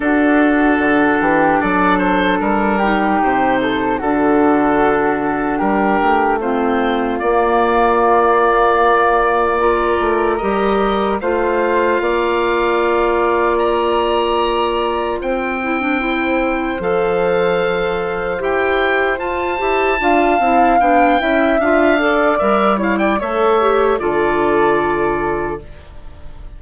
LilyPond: <<
  \new Staff \with { instrumentName = "oboe" } { \time 4/4 \tempo 4 = 75 a'2 d''8 c''8 ais'4 | c''4 a'2 ais'4 | c''4 d''2.~ | d''4 dis''4 f''2~ |
f''4 ais''2 g''4~ | g''4 f''2 g''4 | a''2 g''4 f''4 | e''8 f''16 g''16 e''4 d''2 | }
  \new Staff \with { instrumentName = "flute" } { \time 4/4 fis'4. g'8 a'4. g'8~ | g'8 a'8 fis'2 g'4 | f'1 | ais'2 c''4 d''4~ |
d''2. c''4~ | c''1~ | c''4 f''4. e''4 d''8~ | d''8 cis''16 d''16 cis''4 a'2 | }
  \new Staff \with { instrumentName = "clarinet" } { \time 4/4 d'2.~ d'8 dis'8~ | dis'4 d'2. | c'4 ais2. | f'4 g'4 f'2~ |
f'2.~ f'8 e'16 d'16 | e'4 a'2 g'4 | f'8 g'8 f'8 e'8 d'8 e'8 f'8 a'8 | ais'8 e'8 a'8 g'8 f'2 | }
  \new Staff \with { instrumentName = "bassoon" } { \time 4/4 d'4 d8 e8 fis4 g4 | c4 d2 g8 a8~ | a4 ais2.~ | ais8 a8 g4 a4 ais4~ |
ais2. c'4~ | c'4 f2 e'4 | f'8 e'8 d'8 c'8 b8 cis'8 d'4 | g4 a4 d2 | }
>>